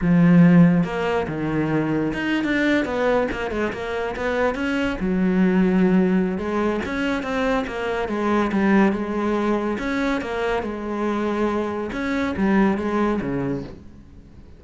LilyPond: \new Staff \with { instrumentName = "cello" } { \time 4/4 \tempo 4 = 141 f2 ais4 dis4~ | dis4 dis'8. d'4 b4 ais16~ | ais16 gis8 ais4 b4 cis'4 fis16~ | fis2. gis4 |
cis'4 c'4 ais4 gis4 | g4 gis2 cis'4 | ais4 gis2. | cis'4 g4 gis4 cis4 | }